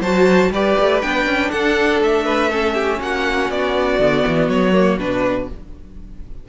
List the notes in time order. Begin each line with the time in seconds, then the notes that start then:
0.00 F#3 F#4 C5 A5
0.50 G3 G4 B4 D5
0.80 A3
1.01 B3 D4 G5
1.25 C#4
1.51 D4 A4 F#5
2.00 A3 E5
2.25 B4
2.49 C#4 A4
2.74 G4
2.99 A#3 F#4 F#5
3.50 B3 D5
3.99 D3 B3
4.27 E3
4.48 F#3 C#5
4.72 A#3
4.98 B2 D4 B4